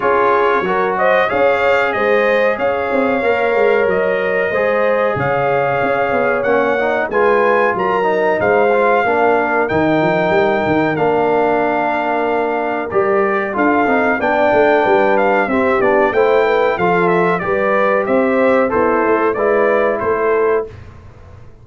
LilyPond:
<<
  \new Staff \with { instrumentName = "trumpet" } { \time 4/4 \tempo 4 = 93 cis''4. dis''8 f''4 dis''4 | f''2 dis''2 | f''2 fis''4 gis''4 | ais''4 f''2 g''4~ |
g''4 f''2. | d''4 f''4 g''4. f''8 | e''8 d''8 g''4 f''8 e''8 d''4 | e''4 c''4 d''4 c''4 | }
  \new Staff \with { instrumentName = "horn" } { \time 4/4 gis'4 ais'8 c''8 cis''4 c''4 | cis''2. c''4 | cis''2. b'4 | ais'4 c''4 ais'2~ |
ais'1~ | ais'4 a'4 d''4 b'4 | g'4 c''8 b'8 a'4 b'4 | c''4 e'4 b'4 a'4 | }
  \new Staff \with { instrumentName = "trombone" } { \time 4/4 f'4 fis'4 gis'2~ | gis'4 ais'2 gis'4~ | gis'2 cis'8 dis'8 f'4~ | f'8 dis'4 f'8 d'4 dis'4~ |
dis'4 d'2. | g'4 f'8 dis'8 d'2 | c'8 d'8 e'4 f'4 g'4~ | g'4 a'4 e'2 | }
  \new Staff \with { instrumentName = "tuba" } { \time 4/4 cis'4 fis4 cis'4 gis4 | cis'8 c'8 ais8 gis8 fis4 gis4 | cis4 cis'8 b8 ais4 gis4 | fis4 gis4 ais4 dis8 f8 |
g8 dis8 ais2. | g4 d'8 c'8 b8 a8 g4 | c'8 b8 a4 f4 g4 | c'4 b8 a8 gis4 a4 | }
>>